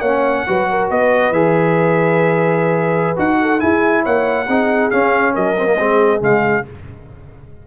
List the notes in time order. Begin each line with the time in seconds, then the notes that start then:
0.00 A#3 C#4 C#5 F#5
0.47 F#3 F#4 B4
0.70 A#4
0.89 B3 B4 D#5
1.31 E3 G#4 E5
3.16 D#4 F#4 F#5
3.41 A4
3.59 E4 G#4 G#5
4.03 A#3 C#5 F#5
4.47 C4 D#4 G#4
4.90 C#4 F5
5.33 F#3 A#4 D#5
5.58 C4
5.65 A#3
5.77 G#3 C4 G#4
6.20 C#3 G#3 F5